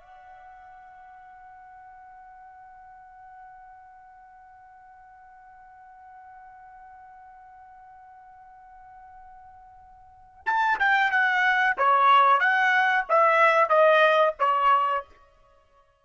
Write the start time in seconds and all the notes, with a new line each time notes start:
0.00 F#5
10.46 A5
10.79 G5
11.11 F#5
11.77 C#5
12.40 F#5
13.09 E5
13.69 D#5
14.39 C#5